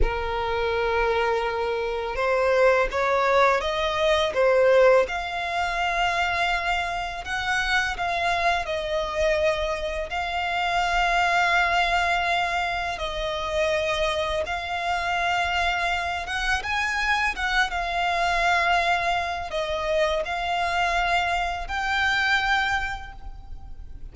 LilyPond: \new Staff \with { instrumentName = "violin" } { \time 4/4 \tempo 4 = 83 ais'2. c''4 | cis''4 dis''4 c''4 f''4~ | f''2 fis''4 f''4 | dis''2 f''2~ |
f''2 dis''2 | f''2~ f''8 fis''8 gis''4 | fis''8 f''2~ f''8 dis''4 | f''2 g''2 | }